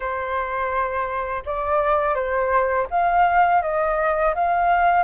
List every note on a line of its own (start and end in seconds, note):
0.00 1.43 C5
1.45 2.14 D5
2.14 2.87 C5
2.90 3.61 F5
3.61 4.34 D#5
4.34 5.03 F5